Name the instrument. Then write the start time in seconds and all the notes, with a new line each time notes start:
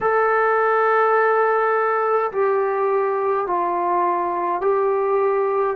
trombone
0.00 A4
2.32 G4
3.46 F4
4.61 G4